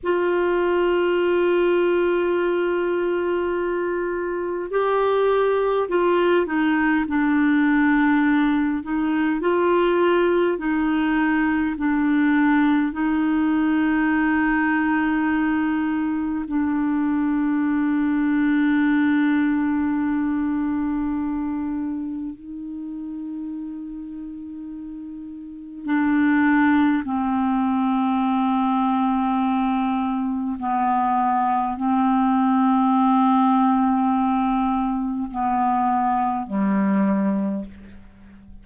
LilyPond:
\new Staff \with { instrumentName = "clarinet" } { \time 4/4 \tempo 4 = 51 f'1 | g'4 f'8 dis'8 d'4. dis'8 | f'4 dis'4 d'4 dis'4~ | dis'2 d'2~ |
d'2. dis'4~ | dis'2 d'4 c'4~ | c'2 b4 c'4~ | c'2 b4 g4 | }